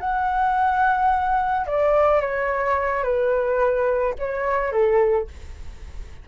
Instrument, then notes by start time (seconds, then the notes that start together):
flute
0.00 F#5
1.67 D5
2.21 C#5
3.03 B4
4.19 C#5
4.72 A4